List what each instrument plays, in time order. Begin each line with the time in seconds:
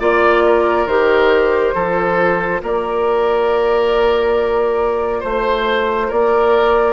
0.00 bassoon A#3, clarinet F4, oboe D5, flute D5
0.45 oboe A#4
0.86 bassoon D#3, clarinet G4, flute C5
1.75 bassoon F3, clarinet F4, oboe A4
2.63 bassoon A#3, oboe A#4, flute D5
5.20 bassoon A3, oboe C5, flute C5
6.08 bassoon A#3, oboe A#4, flute D5